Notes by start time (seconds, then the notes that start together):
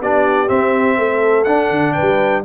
0.00 B3 D4 G4 D5
0.48 C4 E5
0.98 A3 A4
1.44 D4 F#5
1.70 D3
1.93 B4 G5
2.01 G3